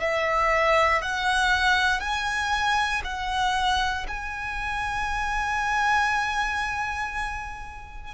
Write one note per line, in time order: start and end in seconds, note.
0.00 1.02 E5
1.02 2.00 F#5
2.00 3.01 G#5
3.04 4.06 F#5
4.07 8.14 G#5